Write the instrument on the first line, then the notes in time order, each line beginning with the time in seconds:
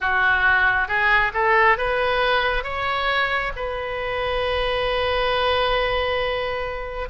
oboe
0.00 F#4
0.87 G#4
1.33 A4
1.77 B4
2.63 C#5
3.55 B4